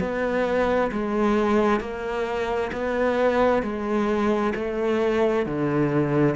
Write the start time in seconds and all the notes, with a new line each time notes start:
0.00 B3
0.92 G#3
1.81 A#3
2.73 B3
3.63 G#3
4.55 A3
5.46 D3